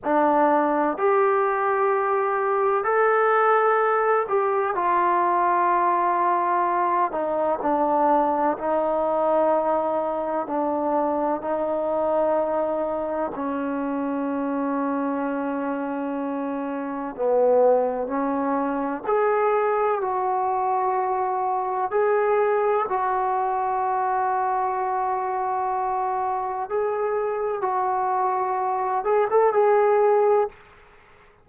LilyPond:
\new Staff \with { instrumentName = "trombone" } { \time 4/4 \tempo 4 = 63 d'4 g'2 a'4~ | a'8 g'8 f'2~ f'8 dis'8 | d'4 dis'2 d'4 | dis'2 cis'2~ |
cis'2 b4 cis'4 | gis'4 fis'2 gis'4 | fis'1 | gis'4 fis'4. gis'16 a'16 gis'4 | }